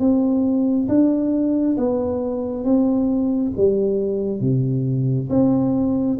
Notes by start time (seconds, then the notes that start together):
0.00 C4
0.89 D4
1.78 B3
2.65 C4
3.57 G3
4.41 C3
5.30 C4